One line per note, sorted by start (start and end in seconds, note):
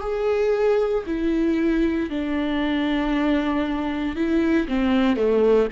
0.00 1.03 G#4
1.06 2.09 E4
2.09 4.15 D4
4.15 4.67 E4
4.67 5.16 C4
5.16 5.68 A3